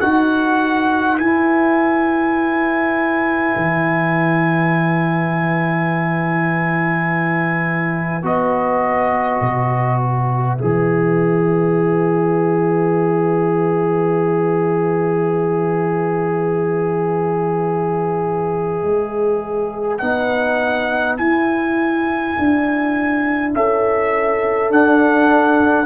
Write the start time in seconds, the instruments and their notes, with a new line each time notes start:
0.00 tuba D#4, trombone F#4, horn B4, trumpet F#5
1.18 tuba E4, trombone E4, trumpet G#5
3.56 tuba E3
8.23 tuba B3, trombone F#4, trumpet D#5
9.41 tuba B2
10.01 trumpet E5
10.58 tuba E3, trombone G#4
18.83 tuba G#3
19.98 tuba B3, trombone D#4, trumpet F#5
21.17 trombone E4, tuba E4, trumpet G#5
22.38 tuba D4
23.54 tuba C#4, horn A4, trumpet E5
24.70 tuba D4, trombone D4, trumpet F#5